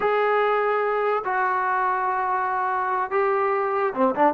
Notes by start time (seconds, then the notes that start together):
0.00 G#4
1.24 F#4
3.10 G4
3.94 C4
4.15 D4